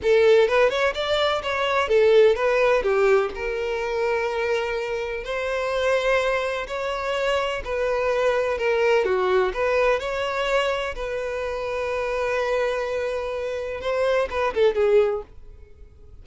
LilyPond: \new Staff \with { instrumentName = "violin" } { \time 4/4 \tempo 4 = 126 a'4 b'8 cis''8 d''4 cis''4 | a'4 b'4 g'4 ais'4~ | ais'2. c''4~ | c''2 cis''2 |
b'2 ais'4 fis'4 | b'4 cis''2 b'4~ | b'1~ | b'4 c''4 b'8 a'8 gis'4 | }